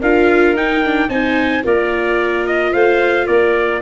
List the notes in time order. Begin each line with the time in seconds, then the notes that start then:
0.00 D4 F4 A#4 F5
0.53 D#4 G5
0.84 D4
1.08 C4 D#4 C5 G#5
1.63 A#3 F4 A#4 D5
2.46 D#5
2.72 A3 C5 F5
3.26 A#3 A#4 D5